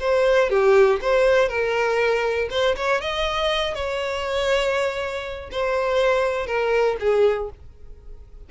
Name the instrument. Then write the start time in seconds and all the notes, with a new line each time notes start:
violin
0.00 C5
0.50 G4
1.02 C5
1.49 A#4
2.51 C5
2.76 C#5
3.02 D#5
3.75 C#5
5.52 C5
6.47 A#4
7.00 G#4